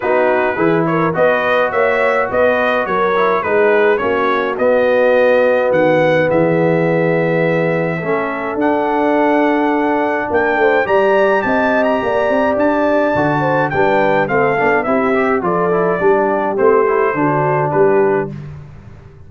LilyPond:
<<
  \new Staff \with { instrumentName = "trumpet" } { \time 4/4 \tempo 4 = 105 b'4. cis''8 dis''4 e''4 | dis''4 cis''4 b'4 cis''4 | dis''2 fis''4 e''4~ | e''2. fis''4~ |
fis''2 g''4 ais''4 | a''8. ais''4~ ais''16 a''2 | g''4 f''4 e''4 d''4~ | d''4 c''2 b'4 | }
  \new Staff \with { instrumentName = "horn" } { \time 4/4 fis'4 gis'8 ais'8 b'4 cis''4 | b'4 ais'4 gis'4 fis'4~ | fis'2. gis'4~ | gis'2 a'2~ |
a'2 ais'8 c''8 d''4 | dis''4 d''2~ d''8 c''8 | b'4 a'4 g'4 a'4 | g'2 fis'4 g'4 | }
  \new Staff \with { instrumentName = "trombone" } { \time 4/4 dis'4 e'4 fis'2~ | fis'4. e'8 dis'4 cis'4 | b1~ | b2 cis'4 d'4~ |
d'2. g'4~ | g'2. fis'4 | d'4 c'8 d'8 e'8 g'8 f'8 e'8 | d'4 c'8 e'8 d'2 | }
  \new Staff \with { instrumentName = "tuba" } { \time 4/4 b4 e4 b4 ais4 | b4 fis4 gis4 ais4 | b2 dis4 e4~ | e2 a4 d'4~ |
d'2 ais8 a8 g4 | c'4 ais8 c'8 d'4 d4 | g4 a8 b8 c'4 f4 | g4 a4 d4 g4 | }
>>